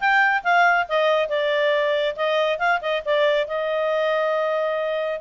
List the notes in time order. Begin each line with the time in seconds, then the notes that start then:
0.00 G5
0.44 F5
0.88 D#5
1.29 D5
2.16 D#5
2.59 F5
2.81 D#5
3.05 D5
3.47 D#5